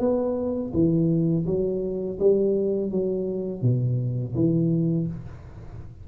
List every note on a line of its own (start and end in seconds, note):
0.00 0.72 B3
0.74 1.46 E3
1.47 2.19 F#3
2.19 2.91 G3
2.91 3.62 F#3
3.62 4.34 B2
4.35 5.07 E3